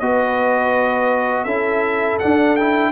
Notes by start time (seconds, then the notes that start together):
0.00 B3 F#4 B4 D#5
1.44 C#4 E4 A4 E5
2.20 D4 F#5
2.56 E4 G5